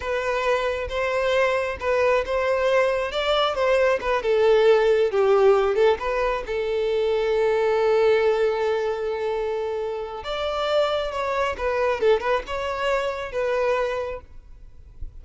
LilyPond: \new Staff \with { instrumentName = "violin" } { \time 4/4 \tempo 4 = 135 b'2 c''2 | b'4 c''2 d''4 | c''4 b'8 a'2 g'8~ | g'4 a'8 b'4 a'4.~ |
a'1~ | a'2. d''4~ | d''4 cis''4 b'4 a'8 b'8 | cis''2 b'2 | }